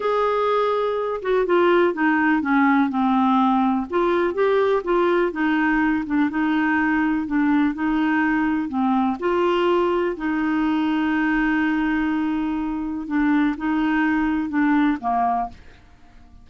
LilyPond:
\new Staff \with { instrumentName = "clarinet" } { \time 4/4 \tempo 4 = 124 gis'2~ gis'8 fis'8 f'4 | dis'4 cis'4 c'2 | f'4 g'4 f'4 dis'4~ | dis'8 d'8 dis'2 d'4 |
dis'2 c'4 f'4~ | f'4 dis'2.~ | dis'2. d'4 | dis'2 d'4 ais4 | }